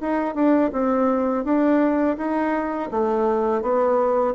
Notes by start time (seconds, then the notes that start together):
0.00 D#4
0.35 D4
0.72 C4
1.44 D4
2.17 D#4
2.91 A3
3.62 B3